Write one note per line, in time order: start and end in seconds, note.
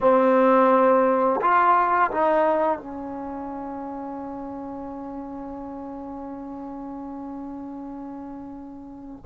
0.00 1.40 C4
1.41 2.11 F4
2.11 2.78 D#4
2.78 9.24 C#4